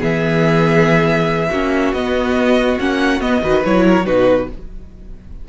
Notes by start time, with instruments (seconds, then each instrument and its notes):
0.00 cello E3, viola B3, violin G#4 E5
1.50 cello A#3, viola C#4, violin F#4
1.93 cello B3, viola B3, violin D#5
2.80 cello A#3, viola C#4, violin F#5
3.21 cello B3, viola B3, violin D#5
3.42 cello D#3, viola F#4, violin B4
3.65 cello F#3, viola E4, violin C#5
3.87 violin A#4
4.05 cello B2, viola D#4, violin F#4 B4